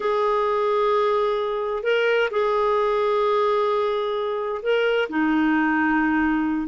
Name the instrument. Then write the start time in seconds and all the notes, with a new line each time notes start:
clarinet
0.00 G#4
1.83 A#4
2.30 G#4
4.62 A#4
5.09 D#4